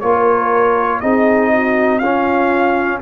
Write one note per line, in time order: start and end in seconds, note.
0.00 1.02 A#3
0.00 1.02 F4
0.00 1.00 A#4
0.00 1.00 C#5
1.00 2.01 C4
1.00 2.02 D#4
1.00 1.51 G#4
1.00 1.98 D#5
1.52 1.99 F#4
1.98 3.01 C#4
1.98 2.99 F4
1.98 2.98 F5